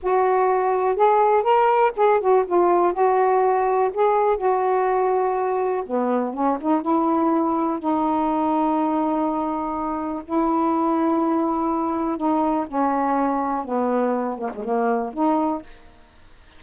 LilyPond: \new Staff \with { instrumentName = "saxophone" } { \time 4/4 \tempo 4 = 123 fis'2 gis'4 ais'4 | gis'8 fis'8 f'4 fis'2 | gis'4 fis'2. | b4 cis'8 dis'8 e'2 |
dis'1~ | dis'4 e'2.~ | e'4 dis'4 cis'2 | b4. ais16 gis16 ais4 dis'4 | }